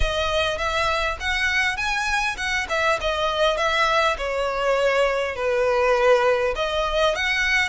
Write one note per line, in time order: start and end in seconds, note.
0.00 0.58 D#5
0.58 1.17 E5
1.20 1.76 F#5
1.76 2.36 G#5
2.37 2.67 F#5
2.69 2.99 E5
3.01 3.57 D#5
3.57 4.16 E5
4.17 5.35 C#5
5.35 6.54 B4
6.55 7.15 D#5
7.15 7.68 F#5